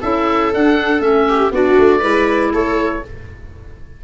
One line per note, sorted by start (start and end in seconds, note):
0.00 0.53 C#4
0.00 0.52 E4
0.00 1.26 A4
0.00 0.52 E5
0.52 0.99 D4
0.52 1.00 D4
0.52 1.01 F#5
0.99 1.50 A3
0.99 1.49 C#4
0.99 1.51 E5
1.28 1.53 G4
1.51 1.76 B3
1.51 2.01 D4
1.51 1.99 F#4
1.51 2.53 D5
1.78 2.03 A3
1.99 2.53 G#3
1.99 3.02 E4
1.99 2.49 B4
2.53 3.03 A3
2.53 3.03 A4
2.53 3.04 C#5